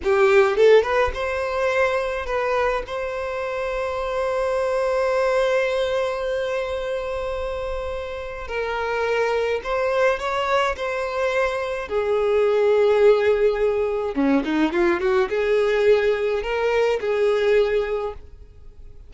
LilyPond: \new Staff \with { instrumentName = "violin" } { \time 4/4 \tempo 4 = 106 g'4 a'8 b'8 c''2 | b'4 c''2.~ | c''1~ | c''2. ais'4~ |
ais'4 c''4 cis''4 c''4~ | c''4 gis'2.~ | gis'4 cis'8 dis'8 f'8 fis'8 gis'4~ | gis'4 ais'4 gis'2 | }